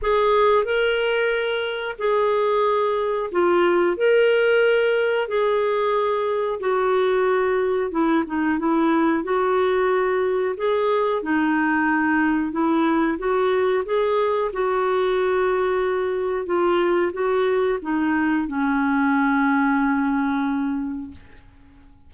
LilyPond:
\new Staff \with { instrumentName = "clarinet" } { \time 4/4 \tempo 4 = 91 gis'4 ais'2 gis'4~ | gis'4 f'4 ais'2 | gis'2 fis'2 | e'8 dis'8 e'4 fis'2 |
gis'4 dis'2 e'4 | fis'4 gis'4 fis'2~ | fis'4 f'4 fis'4 dis'4 | cis'1 | }